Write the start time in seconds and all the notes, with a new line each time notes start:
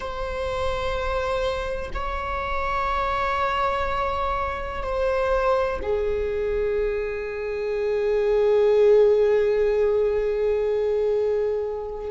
0.00 C5
1.94 C#5
4.83 C5
5.82 G#4